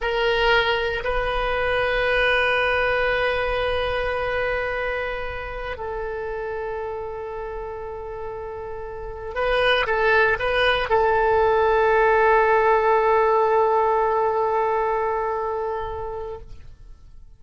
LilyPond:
\new Staff \with { instrumentName = "oboe" } { \time 4/4 \tempo 4 = 117 ais'2 b'2~ | b'1~ | b'2.~ b'16 a'8.~ | a'1~ |
a'2~ a'16 b'4 a'8.~ | a'16 b'4 a'2~ a'8.~ | a'1~ | a'1 | }